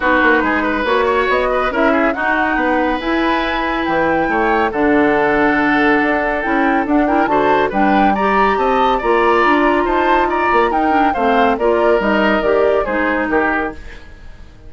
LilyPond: <<
  \new Staff \with { instrumentName = "flute" } { \time 4/4 \tempo 4 = 140 b'2 cis''4 dis''4 | e''4 fis''2 gis''4~ | gis''4 g''2 fis''4~ | fis''2. g''4 |
fis''8 g''8 a''4 g''4 ais''4 | a''4 ais''2 a''4 | ais''4 g''4 f''4 d''4 | dis''4 d''4 c''4 ais'4 | }
  \new Staff \with { instrumentName = "oboe" } { \time 4/4 fis'4 gis'8 b'4 cis''4 b'8 | ais'8 gis'8 fis'4 b'2~ | b'2 cis''4 a'4~ | a'1~ |
a'8 ais'8 c''4 b'4 d''4 | dis''4 d''2 c''4 | d''4 ais'4 c''4 ais'4~ | ais'2 gis'4 g'4 | }
  \new Staff \with { instrumentName = "clarinet" } { \time 4/4 dis'2 fis'2 | e'4 dis'2 e'4~ | e'2. d'4~ | d'2. e'4 |
d'8 e'8 fis'4 d'4 g'4~ | g'4 f'2.~ | f'4 dis'8 d'8 c'4 f'4 | dis'4 g'4 dis'2 | }
  \new Staff \with { instrumentName = "bassoon" } { \time 4/4 b8 ais8 gis4 ais4 b4 | cis'4 dis'4 b4 e'4~ | e'4 e4 a4 d4~ | d2 d'4 cis'4 |
d'4 d4 g2 | c'4 ais4 d'4 dis'4~ | dis'8 ais8 dis'4 a4 ais4 | g4 dis4 gis4 dis4 | }
>>